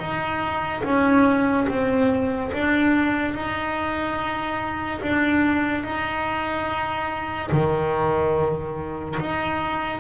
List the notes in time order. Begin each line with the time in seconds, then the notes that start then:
0.00 D#4
0.84 C#4
1.69 C4
2.53 D4
3.34 D#4
5.02 D4
5.84 D#4
7.52 D#3
9.20 D#4